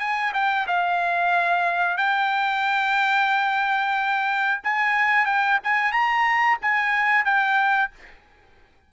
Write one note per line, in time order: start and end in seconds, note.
0.00 0.33 G#5
0.34 0.67 G5
0.67 1.98 F5
1.98 4.62 G5
4.64 5.26 G#5
5.26 5.59 G5
5.64 5.92 G#5
5.92 6.58 A#5
6.62 7.25 G#5
7.25 7.91 G5